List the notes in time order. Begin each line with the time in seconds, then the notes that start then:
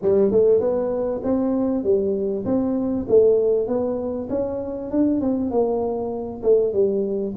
0.02 G3
0.31 A3
0.60 B3
1.23 C4
1.83 G3
2.45 C4
3.08 A3
3.67 B3
4.29 C#4
4.90 D4
5.20 C4
5.50 A#3
6.42 A3
6.73 G3